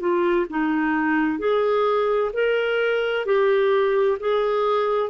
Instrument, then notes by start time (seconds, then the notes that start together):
clarinet
0.00 F4
0.50 D#4
1.39 G#4
2.33 A#4
3.26 G4
4.20 G#4